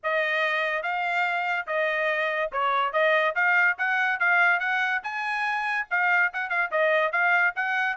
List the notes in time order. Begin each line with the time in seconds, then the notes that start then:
0.03 D#5
0.82 F5
1.66 D#5
2.52 C#5
2.93 D#5
3.35 F5
3.78 F#5
4.19 F5
4.59 F#5
5.03 G#5
5.90 F5
6.33 F#5
6.49 F5
6.71 D#5
7.12 F5
7.55 F#5